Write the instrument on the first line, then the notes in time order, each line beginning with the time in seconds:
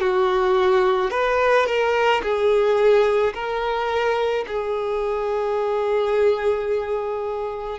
violin
0.00 F#4
1.11 B4
1.66 A#4
2.23 G#4
3.34 A#4
4.47 G#4